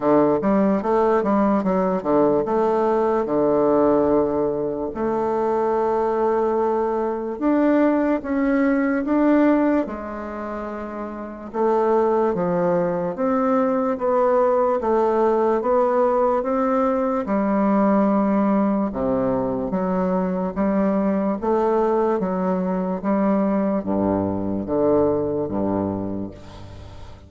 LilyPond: \new Staff \with { instrumentName = "bassoon" } { \time 4/4 \tempo 4 = 73 d8 g8 a8 g8 fis8 d8 a4 | d2 a2~ | a4 d'4 cis'4 d'4 | gis2 a4 f4 |
c'4 b4 a4 b4 | c'4 g2 c4 | fis4 g4 a4 fis4 | g4 g,4 d4 g,4 | }